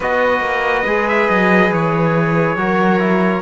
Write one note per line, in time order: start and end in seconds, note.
0.00 0.40 B3
0.00 0.86 F#4
0.00 2.55 B4
0.00 1.08 D#5
0.40 0.83 A#3
0.85 1.28 G#3
0.85 2.57 G#4
1.08 1.29 E5
1.29 1.71 F#3
1.29 1.72 D#5
1.71 2.56 E3
1.71 3.41 C#5
2.56 3.41 F#3
2.56 2.99 F#4
2.56 3.41 A#4
2.99 3.41 E4